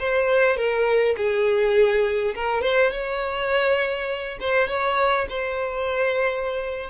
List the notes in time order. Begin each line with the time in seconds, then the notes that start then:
0.00 C5
0.57 A#4
1.17 G#4
2.35 A#4
2.62 C5
2.92 C#5
4.41 C5
4.69 C#5
5.30 C5